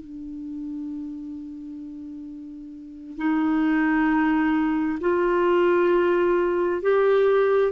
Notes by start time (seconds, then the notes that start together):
0.00 D4
3.17 D#4
5.00 F4
6.82 G4